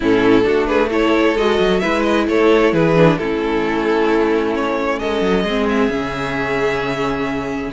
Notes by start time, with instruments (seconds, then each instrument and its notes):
0.00 cello A2, viola C#4, violin E4 A4
0.42 cello A3, viola D4, violin F#4
0.66 violin G#4 B4
0.90 viola E4, violin A4 C#5
1.35 cello G#3, viola F#4, violin D#5
1.59 cello F#3
1.79 cello G#3, viola E4, violin B4 E5
2.02 violin D#5
2.27 cello A3, violin A4 C#5
2.72 cello E3, violin G#4 B4
2.95 viola D4
3.18 cello A3, viola C#4, violin E4 A4
4.54 violin C#5
4.99 cello G#3, violin A4 D#5
5.21 cello F#3
5.43 cello G#3, viola C4, violin G#4
5.69 violin E5
5.89 cello C#3, viola C#4